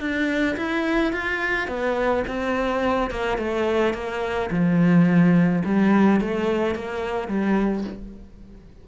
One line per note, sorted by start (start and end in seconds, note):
0.00 0.56 D4
0.57 1.13 E4
1.13 1.68 F4
1.68 2.24 B3
2.27 3.11 C4
3.11 3.38 A#3
3.38 3.94 A3
3.94 4.50 A#3
4.51 5.63 F3
5.65 6.21 G3
6.21 6.75 A3
6.75 7.28 A#3
7.28 7.84 G3